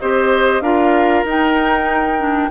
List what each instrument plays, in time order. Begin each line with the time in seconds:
0.00 bassoon C4, clarinet G4, oboe C5, flute D#5
0.61 bassoon D4, clarinet F4, oboe A#4, flute F5
1.25 bassoon D#4, clarinet D#4, flute G5
2.19 clarinet D4